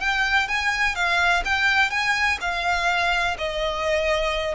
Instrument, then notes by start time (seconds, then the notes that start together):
violin
0.00 G5
0.48 G#5
0.95 F5
1.45 G5
1.90 G#5
2.41 F5
3.38 D#5